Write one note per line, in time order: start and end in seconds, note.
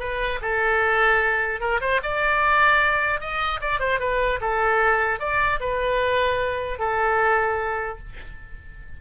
0.00 0.40 B4
0.42 1.61 A4
1.61 1.81 A#4
1.81 2.01 C5
2.03 3.21 D5
3.21 3.61 D#5
3.61 3.80 D5
3.80 4.00 C5
4.00 4.40 B4
4.41 5.20 A4
5.20 5.60 D5
5.60 6.79 B4
6.79 7.99 A4